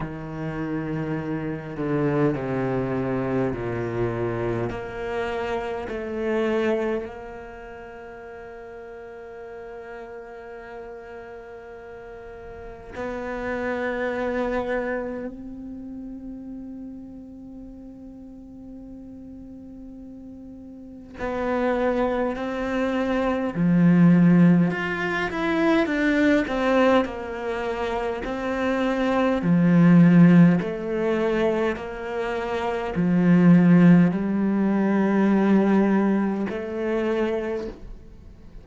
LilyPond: \new Staff \with { instrumentName = "cello" } { \time 4/4 \tempo 4 = 51 dis4. d8 c4 ais,4 | ais4 a4 ais2~ | ais2. b4~ | b4 c'2.~ |
c'2 b4 c'4 | f4 f'8 e'8 d'8 c'8 ais4 | c'4 f4 a4 ais4 | f4 g2 a4 | }